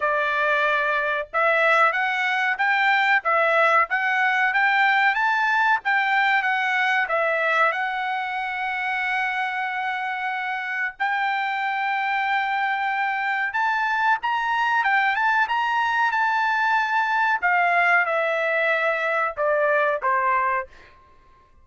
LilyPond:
\new Staff \with { instrumentName = "trumpet" } { \time 4/4 \tempo 4 = 93 d''2 e''4 fis''4 | g''4 e''4 fis''4 g''4 | a''4 g''4 fis''4 e''4 | fis''1~ |
fis''4 g''2.~ | g''4 a''4 ais''4 g''8 a''8 | ais''4 a''2 f''4 | e''2 d''4 c''4 | }